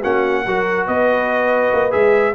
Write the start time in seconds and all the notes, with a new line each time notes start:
0.00 A#3 C#4 F#4 F#5
0.46 F#3 F#4 A#4
0.86 B3 B4 D#5
1.73 A#3
1.91 G#3 G#4 E5